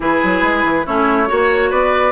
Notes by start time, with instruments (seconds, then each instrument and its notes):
0.00 bassoon E3, clarinet E4, oboe G#4, flute B4
0.23 bassoon F#3
0.42 bassoon G#3
0.64 bassoon E3
0.85 bassoon A3, clarinet C#4, oboe E4, flute C#5
1.27 bassoon A#3, clarinet F#4, oboe C#5
1.70 bassoon B3, oboe B4, flute D5